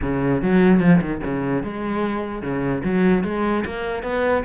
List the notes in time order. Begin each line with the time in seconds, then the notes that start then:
0.02 C#3
0.42 F#3
0.80 F3
1.01 D#3
1.24 C#3
1.63 G#3
2.41 C#3
2.83 F#3
3.23 G#3
3.65 A#3
4.02 B3